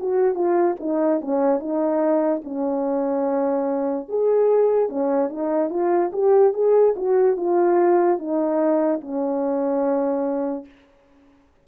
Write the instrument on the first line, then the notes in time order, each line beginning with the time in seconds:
horn
0.00 F#4
0.35 F4
0.80 D#4
1.21 C#4
1.60 D#4
2.44 C#4
4.09 G#4
4.89 C#4
5.29 D#4
5.70 F4
6.13 G4
6.54 G#4
6.97 F#4
7.37 F4
8.19 D#4
9.01 C#4